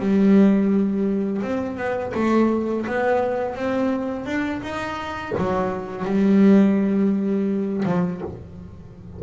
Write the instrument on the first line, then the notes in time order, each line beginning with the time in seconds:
double bass
0.00 G3
1.43 C4
1.77 B3
2.15 A3
2.87 B3
3.56 C4
4.26 D4
4.62 D#4
5.38 F#3
6.05 G3
7.86 F3